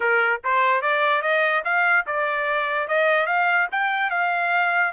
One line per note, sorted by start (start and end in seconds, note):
0.00 0.41 A#4
0.44 0.81 C5
0.81 1.22 D5
1.22 1.63 D#5
1.64 2.05 F5
2.06 2.87 D5
2.87 3.26 D#5
3.26 3.67 F5
3.71 4.10 G5
4.10 4.92 F5